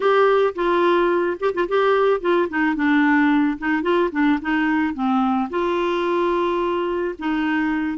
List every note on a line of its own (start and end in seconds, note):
0.00 0.54 G4
0.55 1.37 F4
1.40 1.54 G4
1.54 1.68 F4
1.68 2.20 G4
2.20 2.48 F4
2.49 2.75 D#4
2.75 3.58 D4
3.58 3.82 D#4
3.82 4.10 F4
4.11 4.39 D4
4.41 4.94 D#4
4.94 5.49 C4
5.49 7.15 F4
7.18 7.98 D#4